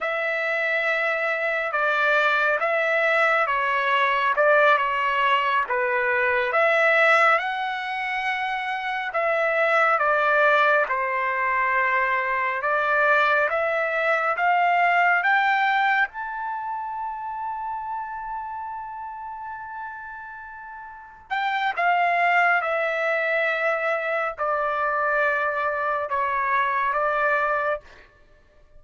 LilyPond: \new Staff \with { instrumentName = "trumpet" } { \time 4/4 \tempo 4 = 69 e''2 d''4 e''4 | cis''4 d''8 cis''4 b'4 e''8~ | e''8 fis''2 e''4 d''8~ | d''8 c''2 d''4 e''8~ |
e''8 f''4 g''4 a''4.~ | a''1~ | a''8 g''8 f''4 e''2 | d''2 cis''4 d''4 | }